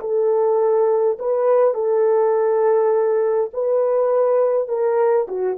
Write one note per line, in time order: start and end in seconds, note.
0.00 1.18 A4
1.19 1.74 B4
1.74 3.50 A4
3.53 4.68 B4
4.68 5.27 A#4
5.28 5.57 F#4